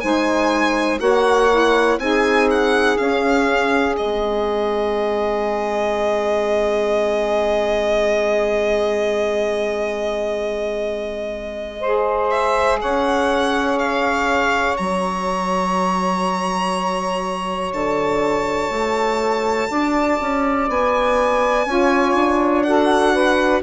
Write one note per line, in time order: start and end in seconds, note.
0.00 1.00 G#3
0.00 0.99 D#4
0.00 1.01 C5
0.00 0.98 G#5
0.99 1.98 A#3
0.99 1.49 F#4
0.99 1.99 C#5
0.99 1.99 F#5
1.50 1.99 E4
1.98 2.97 C4
1.98 2.97 D#4
1.98 11.80 G#4
1.98 2.48 G#5
2.50 2.98 F#5
2.97 3.95 C#4
2.97 3.98 C#4
2.97 3.96 F5
3.95 12.83 G#3
3.95 11.82 C4
3.95 12.30 D#5
11.80 14.76 G#4
11.80 12.79 C5
12.30 12.79 E5
12.81 14.78 C#4
12.81 19.70 C#5
12.81 13.79 F#5
13.79 14.77 F5
14.76 17.73 F#3
14.76 21.65 F#4
14.76 17.72 A#5
17.73 18.70 D3
17.73 20.69 A5
18.70 19.68 A3
19.70 20.19 D4
19.70 21.67 D5
20.21 20.68 C#4
20.68 21.66 B3
20.68 22.62 G#5
21.66 22.15 C#4
21.66 22.65 F4
21.66 22.66 C#5
22.15 23.62 D4
22.62 23.62 F#4
22.62 23.13 A4
22.62 23.61 F#5
23.13 23.62 B4